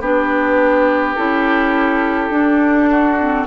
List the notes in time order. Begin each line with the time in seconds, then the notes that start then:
0.00 B3 D4 G4 B4
1.15 C#4 E4 A4
2.30 D4
2.89 F#4
3.19 C4